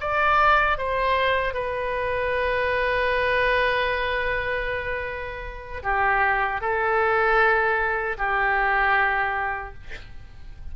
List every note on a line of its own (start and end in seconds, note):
0.00 0.77 D5
0.77 1.54 C5
1.54 5.82 B4
5.83 6.61 G4
6.61 8.17 A4
8.17 9.73 G4